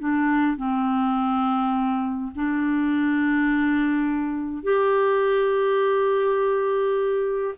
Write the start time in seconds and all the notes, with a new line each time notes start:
0.00 D4
0.57 C4
2.36 D4
4.64 G4